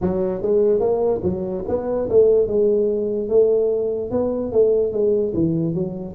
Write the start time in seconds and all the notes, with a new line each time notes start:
0.01 F#3
0.42 G#3
0.80 A#3
1.23 F#3
1.67 B3
2.09 A3
2.47 G#3
3.28 A3
4.11 B3
4.52 A3
4.92 G#3
5.34 E3
5.74 F#3